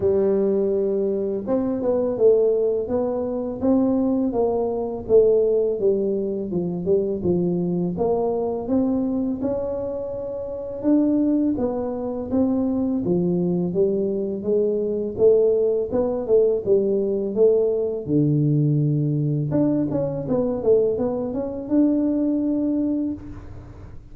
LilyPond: \new Staff \with { instrumentName = "tuba" } { \time 4/4 \tempo 4 = 83 g2 c'8 b8 a4 | b4 c'4 ais4 a4 | g4 f8 g8 f4 ais4 | c'4 cis'2 d'4 |
b4 c'4 f4 g4 | gis4 a4 b8 a8 g4 | a4 d2 d'8 cis'8 | b8 a8 b8 cis'8 d'2 | }